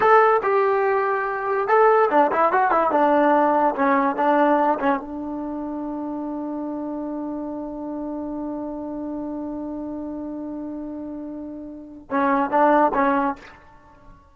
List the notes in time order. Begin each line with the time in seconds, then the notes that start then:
0.00 A4
0.42 G4
1.68 A4
2.10 D4
2.31 E4
2.52 F#4
2.71 E4
2.91 D4
3.75 C#4
4.16 D4
4.79 C#4
4.99 D4
12.10 C#4
12.50 D4
12.94 C#4